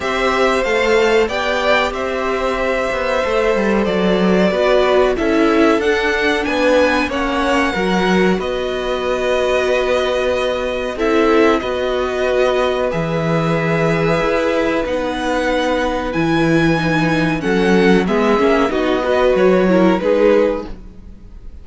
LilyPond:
<<
  \new Staff \with { instrumentName = "violin" } { \time 4/4 \tempo 4 = 93 e''4 f''4 g''4 e''4~ | e''2 d''2 | e''4 fis''4 gis''4 fis''4~ | fis''4 dis''2.~ |
dis''4 e''4 dis''2 | e''2. fis''4~ | fis''4 gis''2 fis''4 | e''4 dis''4 cis''4 b'4 | }
  \new Staff \with { instrumentName = "violin" } { \time 4/4 c''2 d''4 c''4~ | c''2. b'4 | a'2 b'4 cis''4 | ais'4 b'2.~ |
b'4 a'4 b'2~ | b'1~ | b'2. a'4 | gis'4 fis'8 b'4 ais'8 gis'4 | }
  \new Staff \with { instrumentName = "viola" } { \time 4/4 g'4 a'4 g'2~ | g'4 a'2 fis'4 | e'4 d'2 cis'4 | fis'1~ |
fis'4 e'4 fis'2 | gis'2. dis'4~ | dis'4 e'4 dis'4 cis'4 | b8 cis'8 dis'8 fis'4 e'8 dis'4 | }
  \new Staff \with { instrumentName = "cello" } { \time 4/4 c'4 a4 b4 c'4~ | c'8 b8 a8 g8 fis4 b4 | cis'4 d'4 b4 ais4 | fis4 b2.~ |
b4 c'4 b2 | e2 e'4 b4~ | b4 e2 fis4 | gis8 ais8 b4 fis4 gis4 | }
>>